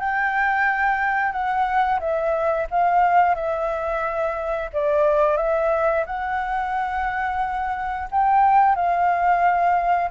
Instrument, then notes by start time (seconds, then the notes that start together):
flute
0.00 G5
1.32 F#5
2.00 E5
2.71 F5
3.35 E5
4.73 D5
5.37 E5
6.06 F#5
8.11 G5
8.75 F5